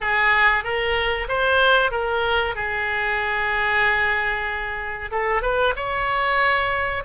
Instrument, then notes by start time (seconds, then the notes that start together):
oboe
0.00 G#4
0.64 A#4
1.28 C5
1.91 A#4
2.55 G#4
5.11 A4
5.41 B4
5.76 C#5